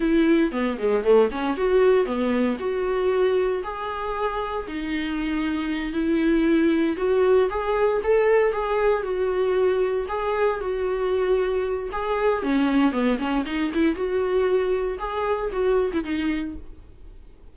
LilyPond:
\new Staff \with { instrumentName = "viola" } { \time 4/4 \tempo 4 = 116 e'4 b8 gis8 a8 cis'8 fis'4 | b4 fis'2 gis'4~ | gis'4 dis'2~ dis'8 e'8~ | e'4. fis'4 gis'4 a'8~ |
a'8 gis'4 fis'2 gis'8~ | gis'8 fis'2~ fis'8 gis'4 | cis'4 b8 cis'8 dis'8 e'8 fis'4~ | fis'4 gis'4 fis'8. e'16 dis'4 | }